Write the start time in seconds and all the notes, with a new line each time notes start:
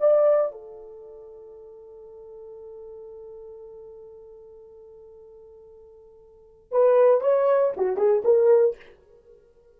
0.00 D5
0.51 A4
6.71 B4
7.21 C#5
7.77 F#4
7.97 G#4
8.24 A#4